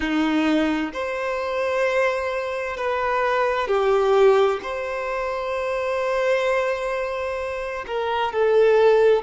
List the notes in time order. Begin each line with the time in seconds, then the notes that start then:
0.00 D#4
0.92 C5
2.77 B4
3.67 G4
4.62 C5
7.87 A#4
8.32 A4